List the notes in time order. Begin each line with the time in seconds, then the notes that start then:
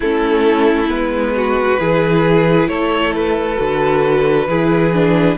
0.00 A3 C#4 E4 A4
0.87 G#3 B3 B4
1.35 F#4
1.79 E3 E4 G#4
2.68 A3 A4 C#5
3.13 B4
3.56 D3 F#4
4.47 E3 E4 G#4
4.93 D4